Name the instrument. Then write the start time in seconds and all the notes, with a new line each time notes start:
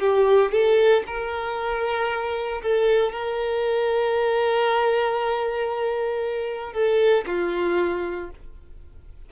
violin
0.00 G4
0.51 A4
1.07 A#4
2.62 A4
3.13 A#4
6.73 A4
7.27 F4